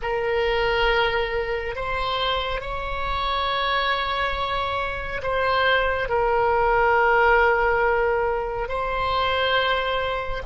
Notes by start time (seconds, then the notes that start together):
0.02 A#4
1.75 C5
2.60 C#5
5.22 C5
6.08 A#4
8.68 C5